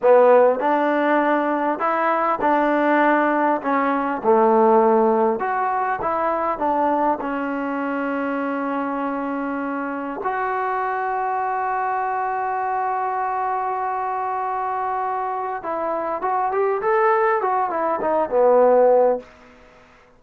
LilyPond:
\new Staff \with { instrumentName = "trombone" } { \time 4/4 \tempo 4 = 100 b4 d'2 e'4 | d'2 cis'4 a4~ | a4 fis'4 e'4 d'4 | cis'1~ |
cis'4 fis'2.~ | fis'1~ | fis'2 e'4 fis'8 g'8 | a'4 fis'8 e'8 dis'8 b4. | }